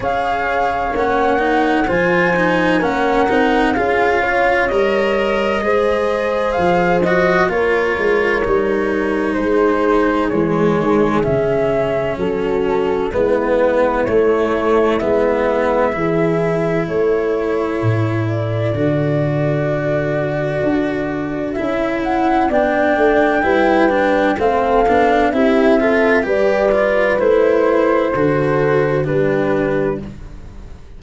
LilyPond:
<<
  \new Staff \with { instrumentName = "flute" } { \time 4/4 \tempo 4 = 64 f''4 fis''4 gis''4 fis''4 | f''4 dis''2 f''8 dis''8 | cis''2 c''4 cis''4 | e''4 a'4 b'4 cis''4 |
e''2 cis''4. d''8~ | d''2. e''8 fis''8 | g''2 f''4 e''4 | d''4 c''2 b'4 | }
  \new Staff \with { instrumentName = "horn" } { \time 4/4 cis''2 c''4 ais'4 | gis'8 cis''4. c''2 | ais'2 gis'2~ | gis'4 fis'4 e'2~ |
e'4 gis'4 a'2~ | a'1 | d''4 b'4 a'4 g'8 a'8 | b'2 a'4 g'4 | }
  \new Staff \with { instrumentName = "cello" } { \time 4/4 gis'4 cis'8 dis'8 f'8 dis'8 cis'8 dis'8 | f'4 ais'4 gis'4. fis'8 | f'4 dis'2 gis4 | cis'2 b4 a4 |
b4 e'2. | fis'2. e'4 | d'4 e'8 d'8 c'8 d'8 e'8 f'8 | g'8 f'8 e'4 fis'4 d'4 | }
  \new Staff \with { instrumentName = "tuba" } { \time 4/4 cis'4 ais4 f4 ais8 c'8 | cis'4 g4 gis4 f4 | ais8 gis8 g4 gis4 e8 dis8 | cis4 fis4 gis4 a4 |
gis4 e4 a4 a,4 | d2 d'4 cis'4 | b8 a8 g4 a8 b8 c'4 | g4 a4 d4 g4 | }
>>